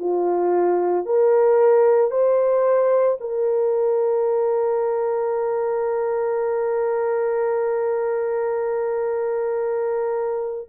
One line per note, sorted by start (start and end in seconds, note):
0.00 1.06 F4
1.06 2.11 A#4
2.11 3.18 C5
3.20 10.69 A#4